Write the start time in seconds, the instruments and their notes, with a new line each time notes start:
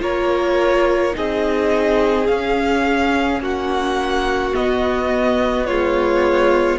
0.00 cello A#3, viola F4, violin A#4 C#5
1.13 cello C4, viola D#4, violin G#4 D#5
2.27 cello C#4, viola C#4, violin F5
3.40 cello A#3, violin F#4 F#5
4.53 viola B3, cello B3, violin D#5
5.66 viola G#3, violin F4 C#5